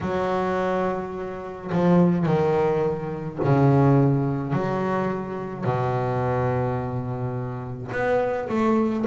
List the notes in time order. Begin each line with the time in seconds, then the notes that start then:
0.01 F#3
1.71 F3
2.25 D#3
3.44 C#3
4.53 F#3
5.64 B2
7.91 B3
8.49 A3